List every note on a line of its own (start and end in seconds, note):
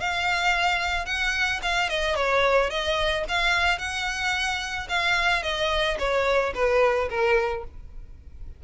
0.00 1.06 F5
1.06 1.60 F#5
1.62 1.89 F5
1.89 2.15 D#5
2.15 2.70 C#5
2.70 3.24 D#5
3.28 3.79 F5
3.79 4.88 F#5
4.89 5.43 F5
5.43 5.97 D#5
5.99 6.53 C#5
6.54 7.09 B4
7.10 7.64 A#4